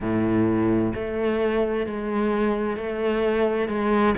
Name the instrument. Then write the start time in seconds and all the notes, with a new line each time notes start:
cello
0.00 A2
0.94 A3
1.86 G#3
2.77 A3
3.68 G#3